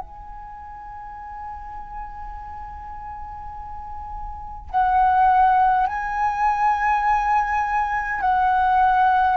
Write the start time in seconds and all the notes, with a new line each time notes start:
0.00 G#5
4.71 F#5
5.87 G#5
8.21 F#5